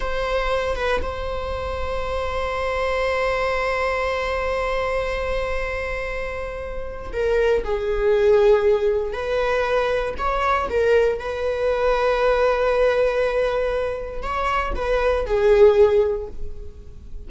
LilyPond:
\new Staff \with { instrumentName = "viola" } { \time 4/4 \tempo 4 = 118 c''4. b'8 c''2~ | c''1~ | c''1~ | c''2 ais'4 gis'4~ |
gis'2 b'2 | cis''4 ais'4 b'2~ | b'1 | cis''4 b'4 gis'2 | }